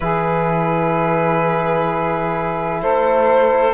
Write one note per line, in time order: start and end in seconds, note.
0.00 2.82 E3
0.00 3.73 E4
0.00 2.81 G#4
0.00 2.81 B4
2.81 3.73 A3
2.81 3.73 A4
2.81 3.73 C5